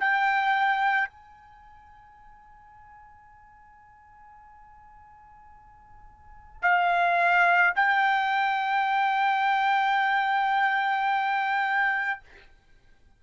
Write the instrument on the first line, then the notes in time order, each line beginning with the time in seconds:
trumpet
0.00 G5
1.10 G#5
6.63 F5
7.76 G5